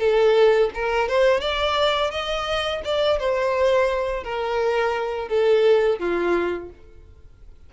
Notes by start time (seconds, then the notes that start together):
0.00 A4
0.75 A#4
1.09 C5
1.41 D5
2.11 D#5
2.85 D5
3.20 C5
4.24 A#4
5.29 A4
5.99 F4